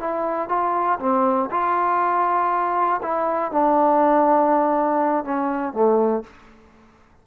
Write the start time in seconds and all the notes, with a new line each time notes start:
0.00 E4
0.49 F4
0.99 C4
1.51 F4
3.02 E4
3.52 D4
5.24 C#4
5.73 A3